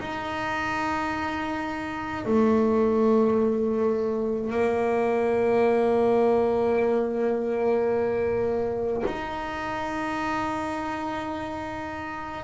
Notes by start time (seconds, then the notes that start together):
0.00 D#4
2.26 A3
4.51 A#3
9.07 D#4